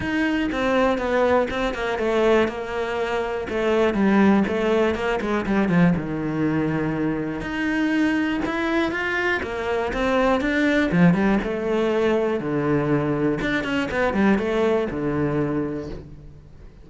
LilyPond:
\new Staff \with { instrumentName = "cello" } { \time 4/4 \tempo 4 = 121 dis'4 c'4 b4 c'8 ais8 | a4 ais2 a4 | g4 a4 ais8 gis8 g8 f8 | dis2. dis'4~ |
dis'4 e'4 f'4 ais4 | c'4 d'4 f8 g8 a4~ | a4 d2 d'8 cis'8 | b8 g8 a4 d2 | }